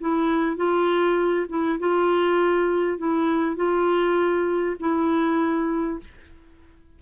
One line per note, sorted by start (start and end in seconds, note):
0.00 0.56 E4
0.56 1.46 F4
1.49 1.79 E4
1.79 2.98 F4
2.98 3.56 E4
3.56 4.76 F4
4.80 6.00 E4